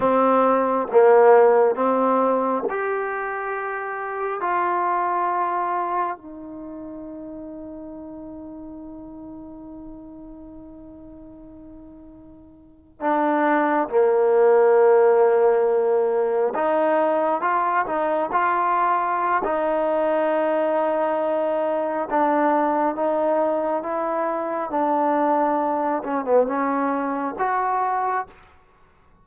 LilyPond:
\new Staff \with { instrumentName = "trombone" } { \time 4/4 \tempo 4 = 68 c'4 ais4 c'4 g'4~ | g'4 f'2 dis'4~ | dis'1~ | dis'2~ dis'8. d'4 ais16~ |
ais2~ ais8. dis'4 f'16~ | f'16 dis'8 f'4~ f'16 dis'2~ | dis'4 d'4 dis'4 e'4 | d'4. cis'16 b16 cis'4 fis'4 | }